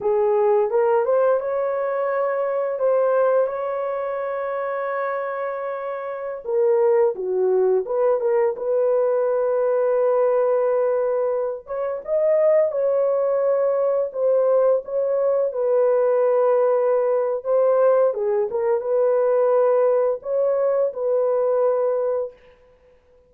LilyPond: \new Staff \with { instrumentName = "horn" } { \time 4/4 \tempo 4 = 86 gis'4 ais'8 c''8 cis''2 | c''4 cis''2.~ | cis''4~ cis''16 ais'4 fis'4 b'8 ais'16~ | ais'16 b'2.~ b'8.~ |
b'8. cis''8 dis''4 cis''4.~ cis''16~ | cis''16 c''4 cis''4 b'4.~ b'16~ | b'4 c''4 gis'8 ais'8 b'4~ | b'4 cis''4 b'2 | }